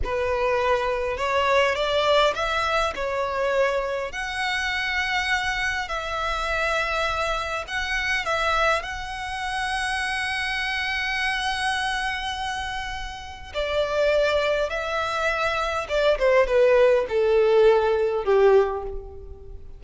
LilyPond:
\new Staff \with { instrumentName = "violin" } { \time 4/4 \tempo 4 = 102 b'2 cis''4 d''4 | e''4 cis''2 fis''4~ | fis''2 e''2~ | e''4 fis''4 e''4 fis''4~ |
fis''1~ | fis''2. d''4~ | d''4 e''2 d''8 c''8 | b'4 a'2 g'4 | }